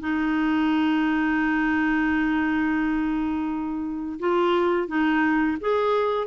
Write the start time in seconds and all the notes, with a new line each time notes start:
0.00 D#4
4.19 F4
4.87 D#4
5.61 G#4